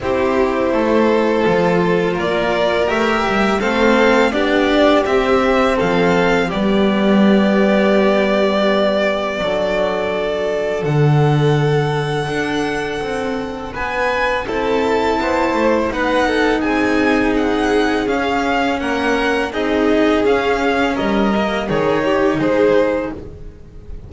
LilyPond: <<
  \new Staff \with { instrumentName = "violin" } { \time 4/4 \tempo 4 = 83 c''2. d''4 | e''4 f''4 d''4 e''4 | f''4 d''2.~ | d''2. fis''4~ |
fis''2. gis''4 | a''2 fis''4 gis''4 | fis''4 f''4 fis''4 dis''4 | f''4 dis''4 cis''4 c''4 | }
  \new Staff \with { instrumentName = "violin" } { \time 4/4 g'4 a'2 ais'4~ | ais'4 a'4 g'2 | a'4 g'2.~ | g'4 a'2.~ |
a'2. b'4 | a'4 c''4 b'8 a'8 gis'4~ | gis'2 ais'4 gis'4~ | gis'4 ais'4 gis'8 g'8 gis'4 | }
  \new Staff \with { instrumentName = "cello" } { \time 4/4 e'2 f'2 | g'4 c'4 d'4 c'4~ | c'4 b2.~ | b4 d'2.~ |
d'1 | e'2 dis'2~ | dis'4 cis'2 dis'4 | cis'4. ais8 dis'2 | }
  \new Staff \with { instrumentName = "double bass" } { \time 4/4 c'4 a4 f4 ais4 | a8 g8 a4 b4 c'4 | f4 g2.~ | g4 fis2 d4~ |
d4 d'4 c'4 b4 | c'4 b8 a8 b4 c'4~ | c'4 cis'4 ais4 c'4 | cis'4 g4 dis4 gis4 | }
>>